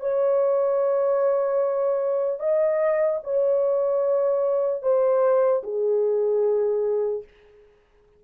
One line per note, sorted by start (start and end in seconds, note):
0.00 2.40 C#5
2.40 3.20 D#5
3.24 4.83 C#5
4.83 5.63 C5
5.64 7.24 G#4